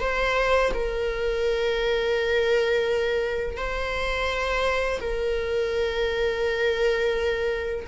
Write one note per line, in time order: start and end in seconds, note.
0.00 0.71 C5
0.73 3.56 A#4
3.56 4.99 C5
5.00 7.86 A#4